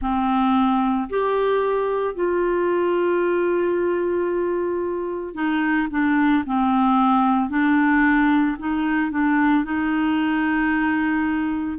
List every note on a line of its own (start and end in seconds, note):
0.01 1.08 C4
1.09 2.14 G4
2.14 5.34 F4
5.34 5.88 D#4
5.90 6.43 D4
6.46 7.50 C4
7.50 8.57 D4
8.59 9.11 D#4
9.11 9.64 D4
9.64 11.79 D#4